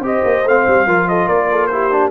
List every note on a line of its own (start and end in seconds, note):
0.00 0.21 C4
0.00 0.45 G4
0.00 0.87 C5
0.06 0.48 D#5
0.24 0.45 A#3
0.45 0.66 A3
0.45 0.88 C4
0.45 1.08 F5
0.67 0.87 G3
0.87 1.28 F3
0.87 1.71 F4
0.87 1.08 A#4
1.08 1.26 A4
1.08 1.28 D#5
1.26 2.11 A#3
1.26 1.47 A#4
1.26 1.67 D5
1.51 1.72 A4
1.67 1.91 E4
1.67 2.11 G4
1.67 2.09 C5
1.91 2.11 D4